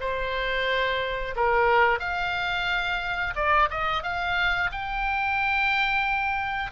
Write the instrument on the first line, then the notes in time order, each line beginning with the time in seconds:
oboe
0.00 C5
1.36 A#4
1.99 F5
3.35 D5
3.70 D#5
4.03 F5
4.71 G5